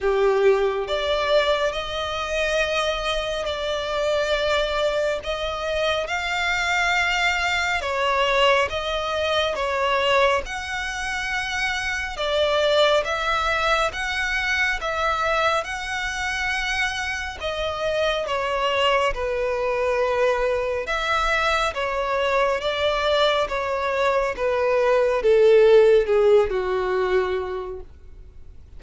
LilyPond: \new Staff \with { instrumentName = "violin" } { \time 4/4 \tempo 4 = 69 g'4 d''4 dis''2 | d''2 dis''4 f''4~ | f''4 cis''4 dis''4 cis''4 | fis''2 d''4 e''4 |
fis''4 e''4 fis''2 | dis''4 cis''4 b'2 | e''4 cis''4 d''4 cis''4 | b'4 a'4 gis'8 fis'4. | }